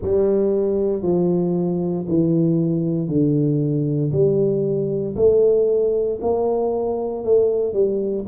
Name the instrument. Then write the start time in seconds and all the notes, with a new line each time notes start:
tuba
0.02 G3
1.02 F3
2.07 E3
3.08 D3
4.11 G3
5.15 A3
6.21 A#3
7.24 A3
7.73 G3